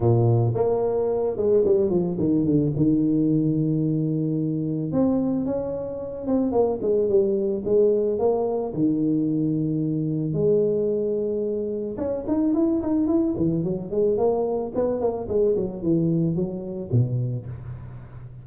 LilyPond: \new Staff \with { instrumentName = "tuba" } { \time 4/4 \tempo 4 = 110 ais,4 ais4. gis8 g8 f8 | dis8 d8 dis2.~ | dis4 c'4 cis'4. c'8 | ais8 gis8 g4 gis4 ais4 |
dis2. gis4~ | gis2 cis'8 dis'8 e'8 dis'8 | e'8 e8 fis8 gis8 ais4 b8 ais8 | gis8 fis8 e4 fis4 b,4 | }